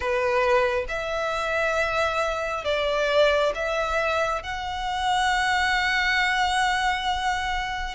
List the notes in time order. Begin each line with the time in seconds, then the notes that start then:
0.00 B4
0.88 E5
2.64 D5
3.55 E5
4.42 F#5